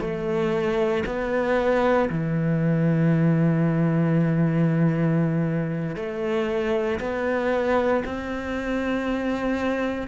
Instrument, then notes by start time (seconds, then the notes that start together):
cello
0.00 A3
1.05 B3
2.09 E3
5.96 A3
7.00 B3
8.05 C4